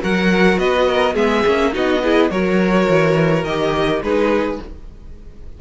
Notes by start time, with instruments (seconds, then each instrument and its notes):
0.00 cello F#3, viola F#4, violin A#4 F#5
0.57 cello B3, violin B4 D#5
0.87 violin A#4
1.14 cello G#3, viola B3, violin G#4 E5
1.45 cello A#3, viola C#4
1.72 cello B3, viola D#4, violin F#4 D#5
2.03 viola E4, violin G#4
2.30 cello F#3, viola F#4, violin A#4 C#5
2.88 cello E3
3.43 cello D#3, viola G4, violin D#5
4.01 cello G#3, viola D#4, violin G#4 B4